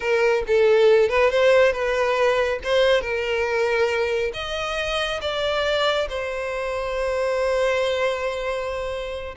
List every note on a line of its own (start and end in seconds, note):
0.00 0.43 A#4
0.47 1.09 A4
1.09 1.30 B4
1.30 1.72 C5
1.72 2.59 B4
2.63 3.01 C5
3.01 4.31 A#4
4.33 5.20 D#5
5.21 6.08 D5
6.09 9.35 C5